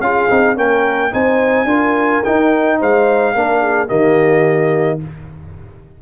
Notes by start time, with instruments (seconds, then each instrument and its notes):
0.00 tuba C#4, trombone F4, horn G#4, trumpet F5
0.29 tuba C4, trombone D#4
0.55 tuba A#3, trombone C#4, horn A#4, trumpet G5
1.11 tuba C4, trombone D#4, horn C5, trumpet G#5
1.64 tuba D4, trombone F4, horn A#4
2.23 trombone D#4, tuba D#4, trumpet G5
2.78 tuba G#3, horn C5, trumpet F5
3.34 tuba A#3, trombone D4, horn A#4
3.61 horn G#4
3.87 tuba D#3, trombone A#3, horn G4, trumpet D#5